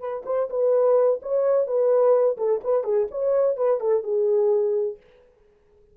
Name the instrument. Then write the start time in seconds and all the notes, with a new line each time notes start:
horn
0.00 B4
0.26 C5
0.50 B4
1.23 C#5
1.67 B4
2.38 A4
2.64 B4
2.84 G#4
3.11 C#5
3.57 B4
3.80 A4
4.04 G#4